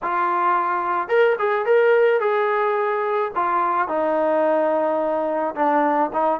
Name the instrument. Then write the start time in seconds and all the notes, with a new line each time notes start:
trombone
0.02 F4
1.08 A#4
1.39 G#4
1.65 A#4
2.20 G#4
3.35 F4
3.88 D#4
5.55 D4
6.13 D#4